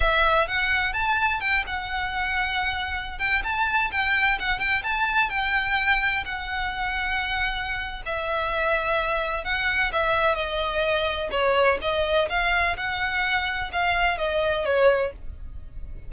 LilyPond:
\new Staff \with { instrumentName = "violin" } { \time 4/4 \tempo 4 = 127 e''4 fis''4 a''4 g''8 fis''8~ | fis''2~ fis''8. g''8 a''8.~ | a''16 g''4 fis''8 g''8 a''4 g''8.~ | g''4~ g''16 fis''2~ fis''8.~ |
fis''4 e''2. | fis''4 e''4 dis''2 | cis''4 dis''4 f''4 fis''4~ | fis''4 f''4 dis''4 cis''4 | }